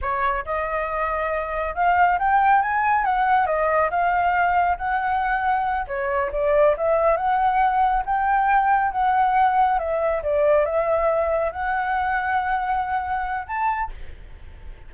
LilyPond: \new Staff \with { instrumentName = "flute" } { \time 4/4 \tempo 4 = 138 cis''4 dis''2. | f''4 g''4 gis''4 fis''4 | dis''4 f''2 fis''4~ | fis''4. cis''4 d''4 e''8~ |
e''8 fis''2 g''4.~ | g''8 fis''2 e''4 d''8~ | d''8 e''2 fis''4.~ | fis''2. a''4 | }